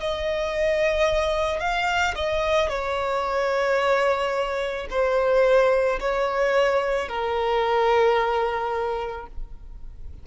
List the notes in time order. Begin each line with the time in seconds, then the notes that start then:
0.00 D#5
1.60 F5
2.15 D#5
2.69 C#5
4.90 C5
6.00 C#5
7.09 A#4